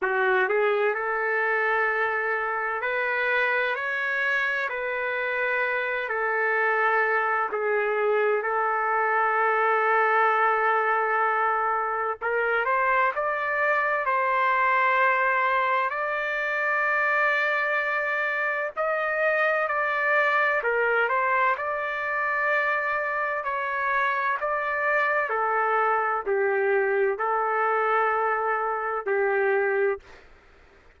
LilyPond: \new Staff \with { instrumentName = "trumpet" } { \time 4/4 \tempo 4 = 64 fis'8 gis'8 a'2 b'4 | cis''4 b'4. a'4. | gis'4 a'2.~ | a'4 ais'8 c''8 d''4 c''4~ |
c''4 d''2. | dis''4 d''4 ais'8 c''8 d''4~ | d''4 cis''4 d''4 a'4 | g'4 a'2 g'4 | }